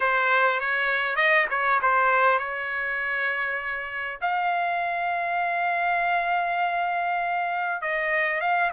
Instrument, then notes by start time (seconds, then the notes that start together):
trumpet
0.00 C5
0.60 C#5
1.16 D#5
1.50 C#5
1.82 C5
2.38 C#5
4.21 F5
7.81 D#5
8.40 F5